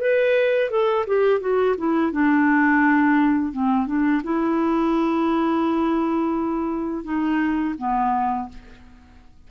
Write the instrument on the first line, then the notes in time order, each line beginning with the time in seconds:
clarinet
0.00 B4
0.70 A4
1.07 G4
1.40 F#4
1.77 E4
2.12 D4
3.52 C4
3.87 D4
4.24 E4
7.04 D#4
7.78 B3